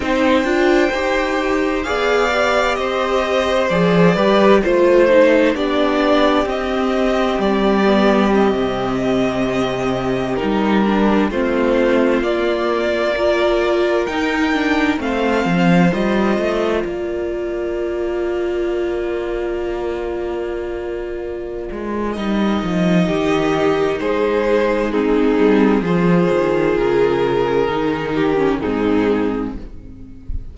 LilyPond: <<
  \new Staff \with { instrumentName = "violin" } { \time 4/4 \tempo 4 = 65 g''2 f''4 dis''4 | d''4 c''4 d''4 dis''4 | d''4 dis''2~ dis''16 ais'8.~ | ais'16 c''4 d''2 g''8.~ |
g''16 f''4 dis''4 d''4.~ d''16~ | d''1 | dis''2 c''4 gis'4 | c''4 ais'2 gis'4 | }
  \new Staff \with { instrumentName = "violin" } { \time 4/4 c''2 d''4 c''4~ | c''8 b'8 c''4 g'2~ | g'1~ | g'16 f'2 ais'4.~ ais'16~ |
ais'16 c''2 ais'4.~ ais'16~ | ais'1~ | ais'4 g'4 gis'4 dis'4 | gis'2~ gis'8 g'8 dis'4 | }
  \new Staff \with { instrumentName = "viola" } { \time 4/4 dis'8 f'8 g'4 gis'8 g'4. | gis'8 g'8 f'8 dis'8 d'4 c'4~ | c'8 b8 c'2~ c'16 dis'8 d'16~ | d'16 c'4 ais4 f'4 dis'8 d'16~ |
d'16 c'4 f'2~ f'8.~ | f'1 | dis'2. c'4 | f'2 dis'8. cis'16 c'4 | }
  \new Staff \with { instrumentName = "cello" } { \time 4/4 c'8 d'8 dis'4 b4 c'4 | f8 g8 a4 b4 c'4 | g4~ g16 c2 g8.~ | g16 a4 ais2 dis'8.~ |
dis'16 a8 f8 g8 a8 ais4.~ ais16~ | ais2.~ ais8 gis8 | g8 f8 dis4 gis4. g8 | f8 dis8 cis4 dis4 gis,4 | }
>>